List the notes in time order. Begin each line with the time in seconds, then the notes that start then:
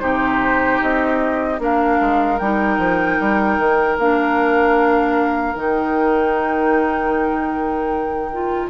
0.00 C3 D#4 G4 C5
0.81 C4 D#5
1.59 A#3 D4 A#4 F5
2.01 G#3
2.39 G3 D#4 G5
2.78 F3
3.20 G3
3.58 D#3
3.99 A#3 D4 F5
5.55 D#3 D#4 G5
8.33 F4